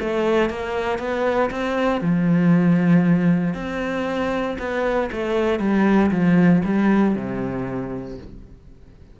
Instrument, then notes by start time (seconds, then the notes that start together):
cello
0.00 A3
0.50 A#3
0.99 B3
1.50 C4
2.01 F3
3.54 C4
4.59 B3
5.12 A3
5.59 G3
6.11 F3
6.65 G3
7.15 C3